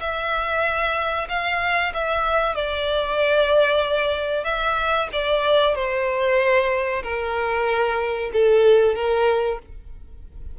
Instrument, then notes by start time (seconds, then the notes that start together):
violin
0.00 E5
1.29 F5
1.94 E5
2.55 D5
4.44 E5
5.12 D5
5.75 C5
7.03 A#4
8.33 A4
8.95 A#4